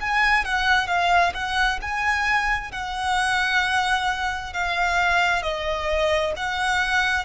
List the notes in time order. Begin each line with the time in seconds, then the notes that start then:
0.00 G#5
0.44 F#5
0.87 F5
1.34 F#5
1.81 G#5
2.71 F#5
4.53 F5
5.42 D#5
6.36 F#5